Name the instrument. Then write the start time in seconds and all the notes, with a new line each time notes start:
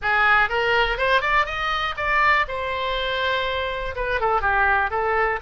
oboe
0.02 G#4
0.49 A#4
0.97 C5
1.21 D5
1.45 D#5
1.96 D5
2.47 C5
3.95 B4
4.20 A4
4.41 G4
4.90 A4